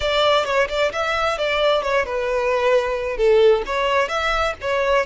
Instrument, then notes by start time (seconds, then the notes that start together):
violin
0.00 D5
0.45 C#5
0.68 D5
0.92 E5
1.38 D5
1.82 C#5
2.05 B4
3.17 A4
3.65 C#5
4.08 E5
4.61 C#5